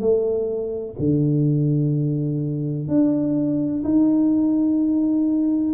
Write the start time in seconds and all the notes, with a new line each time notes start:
0.00 A3
0.99 D3
2.88 D4
3.84 D#4